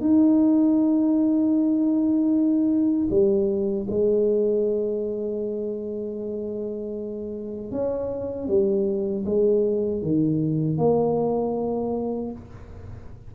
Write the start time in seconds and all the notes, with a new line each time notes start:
0.00 D#4
3.09 G3
3.89 G#3
7.71 C#4
8.48 G3
9.25 G#3
10.02 D#3
10.77 A#3